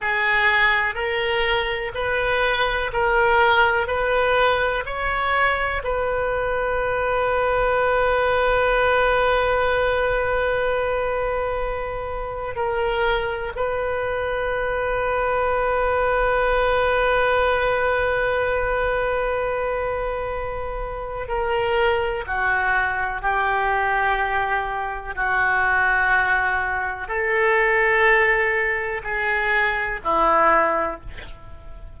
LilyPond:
\new Staff \with { instrumentName = "oboe" } { \time 4/4 \tempo 4 = 62 gis'4 ais'4 b'4 ais'4 | b'4 cis''4 b'2~ | b'1~ | b'4 ais'4 b'2~ |
b'1~ | b'2 ais'4 fis'4 | g'2 fis'2 | a'2 gis'4 e'4 | }